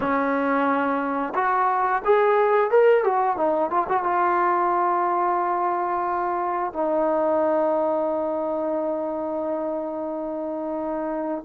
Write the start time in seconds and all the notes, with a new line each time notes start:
0.00 C#4
1.35 F#4
2.04 G#4
2.70 A#4
3.04 F#4
3.36 D#4
3.70 F4
3.89 F#4
4.03 F4
6.73 D#4